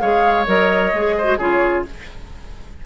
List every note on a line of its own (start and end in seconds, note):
0.00 0.47 G#3
0.00 0.46 G#4
0.00 1.16 C#5
0.00 0.46 F5
0.46 0.93 F#3
0.46 0.92 A#4
0.46 1.39 D#5
0.93 1.39 G#3
0.93 1.24 G#4
1.17 1.38 C5
1.24 1.35 F#4
1.38 1.84 C#3
1.38 1.86 F4
1.38 1.84 G#4
1.38 1.84 C#5